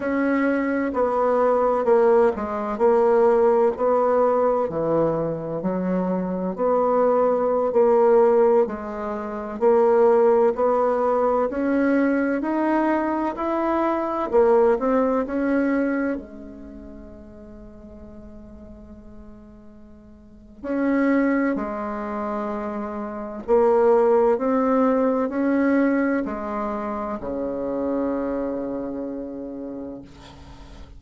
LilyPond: \new Staff \with { instrumentName = "bassoon" } { \time 4/4 \tempo 4 = 64 cis'4 b4 ais8 gis8 ais4 | b4 e4 fis4 b4~ | b16 ais4 gis4 ais4 b8.~ | b16 cis'4 dis'4 e'4 ais8 c'16~ |
c'16 cis'4 gis2~ gis8.~ | gis2 cis'4 gis4~ | gis4 ais4 c'4 cis'4 | gis4 cis2. | }